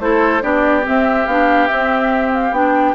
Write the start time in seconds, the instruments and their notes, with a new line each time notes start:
0.00 bassoon A3, clarinet E4, oboe A4, flute C5
0.42 bassoon B3, clarinet D4, oboe G4, flute D5
0.83 clarinet C4, bassoon C4, flute E5
1.27 bassoon B3, clarinet D4, flute F5
1.68 clarinet C4, bassoon C4, flute E5
2.34 flute F5
2.52 bassoon B3, clarinet D4, flute G5